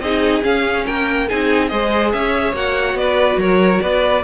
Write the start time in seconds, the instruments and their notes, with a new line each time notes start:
0.00 cello C4, viola D#4, violin G#4 D#5
0.43 viola C#4, cello C#4, violin F5
0.87 cello A#3, violin A#4 G5
1.28 cello C4, viola D#4, violin G#4 G#5
1.68 cello G#3, viola G#4, violin C5 D#5
2.13 cello C#4, violin C#5 E5
2.53 cello A#3, viola F#4, violin F#5
2.94 cello B3, violin B4 D5
3.37 cello F#3, violin A#4 C#5
3.82 cello B3, violin B4 D5